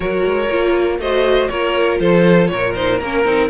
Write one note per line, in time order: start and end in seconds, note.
0.00 0.23 F#3
0.00 0.49 F#4
0.00 0.99 A#4
0.00 0.99 C#5
0.25 0.49 G#3
0.49 0.98 A#3
0.49 1.00 F4
0.98 1.48 A3
0.98 1.50 F#4
0.98 1.50 C5
0.98 1.48 D#5
1.48 1.99 A#3
1.48 2.75 F4
1.48 2.00 A#4
1.48 1.98 C#5
1.99 2.49 F3
1.99 2.50 A4
1.99 2.47 C5
2.47 3.00 A#2
2.47 3.50 A#4
2.47 2.72 C#5
2.74 3.00 D#4
2.74 2.99 C5
3.00 3.25 A#3
3.00 3.25 C#4
3.00 3.50 A#4
3.25 3.50 C4
3.25 3.50 D#4